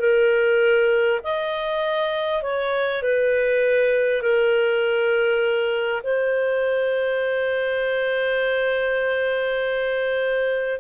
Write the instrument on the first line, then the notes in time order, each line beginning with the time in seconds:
clarinet
0.00 A#4
1.24 D#5
2.43 C#5
3.03 B4
4.23 A#4
6.04 C5